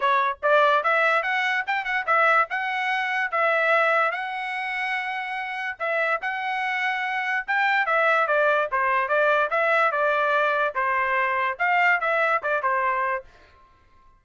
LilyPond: \new Staff \with { instrumentName = "trumpet" } { \time 4/4 \tempo 4 = 145 cis''4 d''4 e''4 fis''4 | g''8 fis''8 e''4 fis''2 | e''2 fis''2~ | fis''2 e''4 fis''4~ |
fis''2 g''4 e''4 | d''4 c''4 d''4 e''4 | d''2 c''2 | f''4 e''4 d''8 c''4. | }